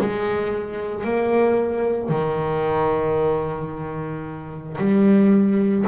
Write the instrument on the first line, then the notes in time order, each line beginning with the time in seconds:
double bass
0.00 G#3
1.04 A#3
2.09 D#3
4.78 G3